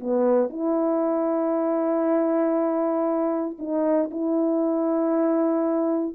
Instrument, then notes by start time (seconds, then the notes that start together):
horn
0.00 B3
0.49 E4
3.59 D#4
4.11 E4